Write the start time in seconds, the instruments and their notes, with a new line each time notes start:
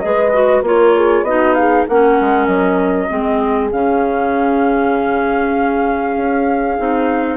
0.00 bassoon G#3, clarinet G#4, horn B4, flute D#5
0.33 clarinet F#4
0.62 bassoon A#3, clarinet F4, horn A#4, flute C#5
0.96 horn G#4
1.23 bassoon B3, clarinet D#4, horn F#4, flute D#5
1.55 horn G#4, flute F5
1.87 bassoon A#3, clarinet C#4, horn A#4, flute F#5
2.21 bassoon G#3
2.47 bassoon F#3, flute D#5
3.09 bassoon G#3, clarinet C4, horn G#4
3.72 bassoon C#3, clarinet C#4, flute F5
6.16 bassoon C#4
6.78 bassoon C4, clarinet D#4